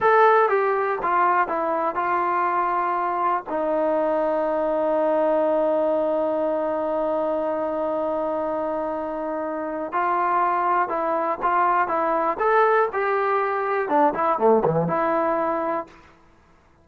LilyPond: \new Staff \with { instrumentName = "trombone" } { \time 4/4 \tempo 4 = 121 a'4 g'4 f'4 e'4 | f'2. dis'4~ | dis'1~ | dis'1~ |
dis'1 | f'2 e'4 f'4 | e'4 a'4 g'2 | d'8 e'8 a8 e8 e'2 | }